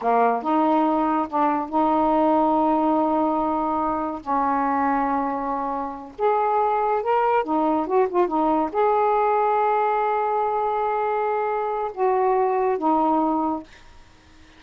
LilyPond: \new Staff \with { instrumentName = "saxophone" } { \time 4/4 \tempo 4 = 141 ais4 dis'2 d'4 | dis'1~ | dis'2 cis'2~ | cis'2~ cis'8 gis'4.~ |
gis'8 ais'4 dis'4 fis'8 f'8 dis'8~ | dis'8 gis'2.~ gis'8~ | gis'1 | fis'2 dis'2 | }